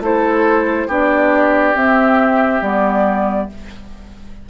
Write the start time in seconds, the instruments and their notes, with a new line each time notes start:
0.00 bassoon A3, clarinet E4, oboe A4, flute C5
0.87 bassoon B3, clarinet D4, oboe G4, flute D5
1.74 clarinet C4, bassoon C4, flute E5
2.61 bassoon G3, clarinet B3, flute D5